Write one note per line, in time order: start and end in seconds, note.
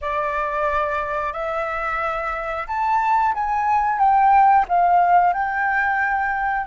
0.01 1.32 D5
1.32 2.66 E5
2.67 3.33 A5
3.34 3.98 G#5
3.98 4.65 G5
4.68 5.33 F5
5.33 6.66 G5